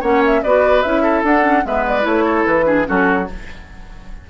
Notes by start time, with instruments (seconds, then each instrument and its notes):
0.00 bassoon A#3, clarinet C#4, oboe C#5, flute F#5
0.26 flute E5
0.42 bassoon B3, clarinet F#4, oboe B4, flute D5
0.82 bassoon C#4, clarinet E4, flute E5
1.03 oboe A4
1.23 bassoon D4, clarinet D4, flute F#5
1.42 clarinet C#4
1.65 bassoon G#3, clarinet B3, oboe B4, flute E5
1.87 flute D5
2.01 bassoon A3, clarinet E4, flute C#5
2.24 oboe A4
2.45 bassoon E3, flute B4
2.65 clarinet D4, oboe G#4
2.84 bassoon F#3, clarinet C#4, oboe F#4, flute A4